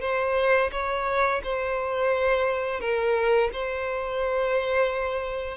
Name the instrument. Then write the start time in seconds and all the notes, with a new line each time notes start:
violin
0.00 C5
0.71 C#5
1.43 C5
2.80 A#4
3.52 C5